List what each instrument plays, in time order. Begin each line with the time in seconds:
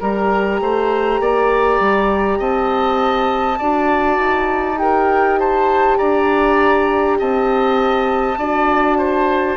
0.00 bassoon G3, horn G4, oboe A#4, flute A#5
0.60 bassoon A3, oboe C5
1.20 bassoon A#3, oboe D5
1.80 bassoon G3
2.39 bassoon C4, oboe D#5, flute A5
3.59 bassoon D4, horn F#4, oboe D5
4.18 bassoon D#4
4.77 horn G4, oboe A#4, flute G5
5.39 oboe C5, flute A5
5.98 bassoon D4, oboe D5, flute A#5
7.19 bassoon C4, oboe D#5, flute A5
8.38 bassoon D4, horn F#4, oboe D5
8.98 oboe C5